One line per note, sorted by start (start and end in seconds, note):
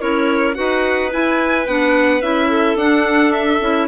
0.00 0.57 C#4
0.00 0.55 E4
0.00 0.56 A#4
0.00 0.55 C#5
0.55 1.14 D#4
0.55 1.11 F#4
0.55 2.49 B4
0.55 1.10 F#5
1.12 1.67 E4
1.12 1.67 G#5
1.67 2.22 B3
1.67 2.22 D4
1.67 2.22 F#5
2.22 2.76 C#4
2.22 2.78 E4
2.22 2.78 E5
2.49 3.88 A4
2.76 3.59 D4
2.76 3.61 D4
2.76 3.33 F#5
3.33 3.88 E5
3.61 3.88 C#4
3.61 3.88 E4